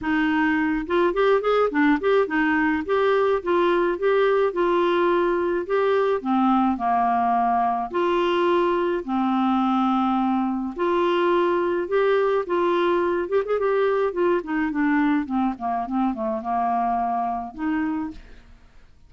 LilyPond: \new Staff \with { instrumentName = "clarinet" } { \time 4/4 \tempo 4 = 106 dis'4. f'8 g'8 gis'8 d'8 g'8 | dis'4 g'4 f'4 g'4 | f'2 g'4 c'4 | ais2 f'2 |
c'2. f'4~ | f'4 g'4 f'4. g'16 gis'16 | g'4 f'8 dis'8 d'4 c'8 ais8 | c'8 a8 ais2 dis'4 | }